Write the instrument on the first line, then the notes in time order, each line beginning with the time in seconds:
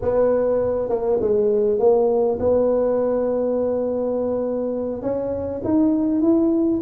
tuba
0.01 B3
0.89 A#3
1.20 G#3
1.79 A#3
2.39 B3
5.02 C#4
5.64 D#4
6.21 E4